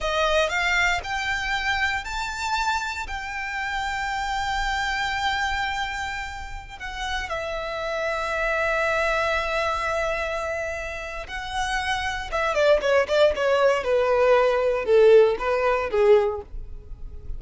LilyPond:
\new Staff \with { instrumentName = "violin" } { \time 4/4 \tempo 4 = 117 dis''4 f''4 g''2 | a''2 g''2~ | g''1~ | g''4~ g''16 fis''4 e''4.~ e''16~ |
e''1~ | e''2 fis''2 | e''8 d''8 cis''8 d''8 cis''4 b'4~ | b'4 a'4 b'4 gis'4 | }